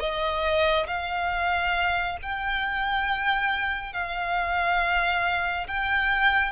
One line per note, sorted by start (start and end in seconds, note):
0.00 0.87 D#5
0.87 2.18 F5
2.23 3.94 G5
3.94 5.68 F5
5.68 6.53 G5